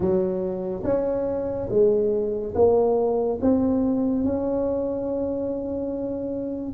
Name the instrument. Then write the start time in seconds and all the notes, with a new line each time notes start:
tuba
0.00 F#3
0.83 C#4
1.69 G#3
2.54 A#3
3.41 C4
4.24 C#4